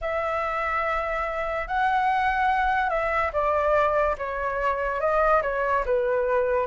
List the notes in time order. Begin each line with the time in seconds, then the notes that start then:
0.01 E5
1.67 F#5
2.89 E5
3.33 D5
4.17 C#5
5.00 D#5
5.42 C#5
5.85 B4